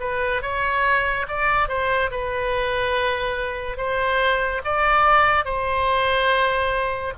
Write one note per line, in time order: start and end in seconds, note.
0.00 0.41 B4
0.41 1.26 C#5
1.28 1.68 D5
1.68 2.10 C5
2.10 3.77 B4
3.77 4.61 C5
4.64 5.44 D5
5.44 7.13 C5